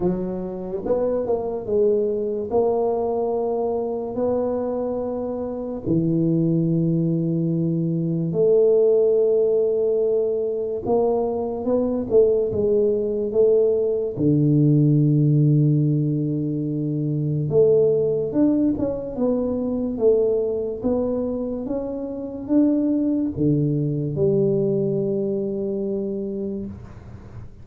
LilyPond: \new Staff \with { instrumentName = "tuba" } { \time 4/4 \tempo 4 = 72 fis4 b8 ais8 gis4 ais4~ | ais4 b2 e4~ | e2 a2~ | a4 ais4 b8 a8 gis4 |
a4 d2.~ | d4 a4 d'8 cis'8 b4 | a4 b4 cis'4 d'4 | d4 g2. | }